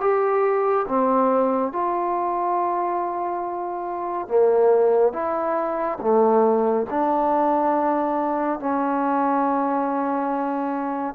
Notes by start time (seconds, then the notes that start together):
0.00 G4
0.88 C4
1.72 F4
4.28 A#3
5.13 E4
6.00 A3
6.90 D4
8.59 C#4